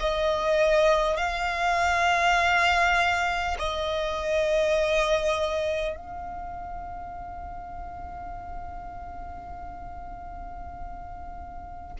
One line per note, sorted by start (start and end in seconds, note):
0.00 1.17 D#5
1.17 3.57 F5
3.59 5.96 D#5
5.96 11.96 F5